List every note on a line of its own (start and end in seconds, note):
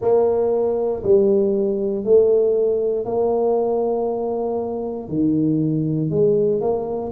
0.01 1.03 A#3
1.03 2.04 G3
2.04 3.05 A3
3.05 5.08 A#3
5.08 6.10 D#3
6.10 6.61 G#3
6.61 7.11 A#3